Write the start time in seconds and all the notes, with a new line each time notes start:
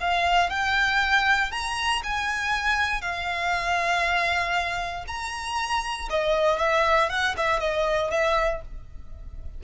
0.00 F5
0.49 G5
1.51 A#5
2.03 G#5
3.01 F5
5.07 A#5
6.09 D#5
6.58 E5
7.09 F#5
7.37 E5
7.59 D#5
8.10 E5